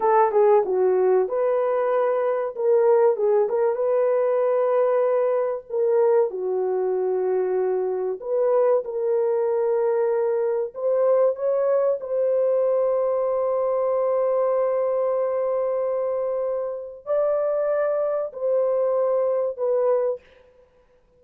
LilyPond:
\new Staff \with { instrumentName = "horn" } { \time 4/4 \tempo 4 = 95 a'8 gis'8 fis'4 b'2 | ais'4 gis'8 ais'8 b'2~ | b'4 ais'4 fis'2~ | fis'4 b'4 ais'2~ |
ais'4 c''4 cis''4 c''4~ | c''1~ | c''2. d''4~ | d''4 c''2 b'4 | }